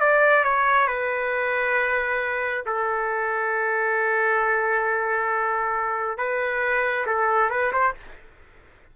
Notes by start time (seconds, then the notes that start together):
0.00 D5
0.44 C#5
0.87 B4
2.66 A4
6.18 B4
7.07 A4
7.50 B4
7.72 C5